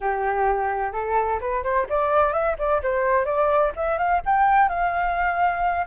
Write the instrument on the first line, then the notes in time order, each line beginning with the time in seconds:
flute
0.00 G4
0.92 A4
1.40 B4
1.63 C5
1.89 D5
2.32 E5
2.58 D5
2.82 C5
3.25 D5
3.76 E5
3.98 F5
4.25 G5
4.69 F5